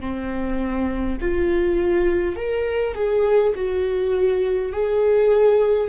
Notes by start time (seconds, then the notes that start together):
0.00 C4
1.21 F4
2.36 A#4
2.95 G#4
3.55 F#4
4.72 G#4